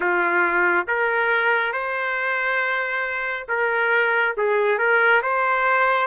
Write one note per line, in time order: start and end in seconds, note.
0.00 0.87 F4
0.87 1.72 A#4
1.72 3.46 C5
3.48 4.35 A#4
4.37 4.78 G#4
4.78 5.21 A#4
5.22 6.07 C5